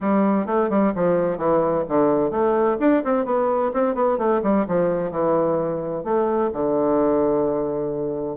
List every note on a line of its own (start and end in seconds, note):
0.01 0.46 G3
0.46 0.69 A3
0.69 0.92 G3
0.95 1.37 F3
1.37 1.84 E3
1.88 2.30 D3
2.30 2.77 A3
2.79 3.03 D4
3.04 3.25 C4
3.25 3.71 B3
3.73 3.95 C4
3.95 4.17 B3
4.17 4.41 A3
4.42 4.66 G3
4.67 5.11 F3
5.11 6.04 E3
6.04 6.50 A3
6.53 8.37 D3